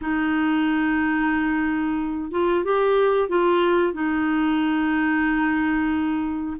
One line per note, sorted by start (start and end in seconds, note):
0.01 2.31 D#4
2.31 2.64 F4
2.64 3.28 G4
3.28 3.93 F4
3.93 6.56 D#4